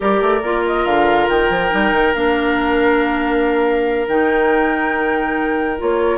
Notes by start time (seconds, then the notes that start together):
0.00 G3 G4 A#4 D5
0.21 A3
0.42 A#3 F4
0.66 D#5
0.84 D3 F5
1.28 D#3 G5
1.49 F3
1.69 G3 D#4
1.92 D#3
2.14 A#3 D4 F5
4.07 D#3 D#4 G5
5.77 A#3 F4 C#5